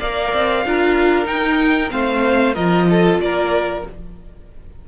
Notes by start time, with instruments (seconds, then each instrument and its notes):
0.00 cello A#3, viola A#4, violin D5 F5
0.34 cello C4
0.65 cello D4, viola F4, violin A#4
1.25 viola D#4, cello D#4, violin G5
1.91 cello A3, viola C4, violin C5 F5
2.55 cello F3, viola F4, violin A#4 D#5
2.90 violin A4
3.19 cello A#3, violin A#4 D5